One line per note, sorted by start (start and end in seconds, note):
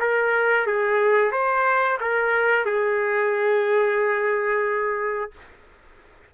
0.00 0.67 A#4
0.67 1.32 G#4
1.32 1.98 C5
2.01 2.65 A#4
2.65 5.32 G#4